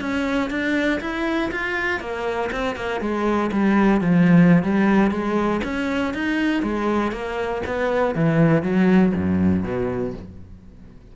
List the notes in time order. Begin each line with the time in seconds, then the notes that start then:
0.00 C#4
0.50 D4
1.00 E4
1.51 F4
2.00 A#3
2.51 C4
2.75 A#3
3.00 G#3
3.51 G3
4.00 F3
4.62 G3
5.10 G#3
5.63 C#4
6.13 D#4
6.62 G#3
7.11 A#3
7.65 B3
8.15 E3
8.62 F#3
9.15 F#2
9.63 B2